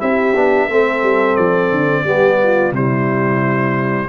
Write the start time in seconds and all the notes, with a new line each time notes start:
0.00 C4 E4 G4 E5
0.36 B3 D4
0.69 A3 C4 A4
1.03 G3
1.36 F3 D5
1.71 D3
2.05 G3 B3 G4
2.43 F4
2.72 C3 G3 E4 C5